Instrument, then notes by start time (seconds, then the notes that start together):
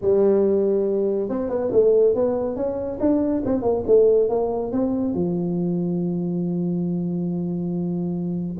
tuba
0.01 G3
1.29 C4
1.49 B3
1.71 A3
2.14 B3
2.55 C#4
3.00 D4
3.45 C4
3.62 A#3
3.86 A3
4.29 A#3
4.72 C4
5.14 F3